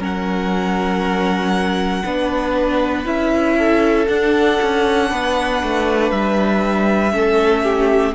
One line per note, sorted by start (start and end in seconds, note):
0.00 2.04 F#3
0.00 2.04 C#4
0.00 2.03 A#4
0.00 3.07 F#5
2.06 3.06 B3
2.06 3.05 D4
2.06 3.58 B4
3.05 4.08 C#4
3.05 4.07 E4
3.05 4.08 E5
3.58 5.10 A4
4.08 7.12 D4
4.08 4.60 D4
4.08 6.11 F#5
4.62 5.12 C#4
5.10 5.63 B3
5.10 7.14 B4
5.63 6.12 A3
6.11 7.13 G3
6.11 8.15 E5
7.12 8.15 A3
7.12 8.14 C#4
7.12 7.64 A4
7.64 8.15 G4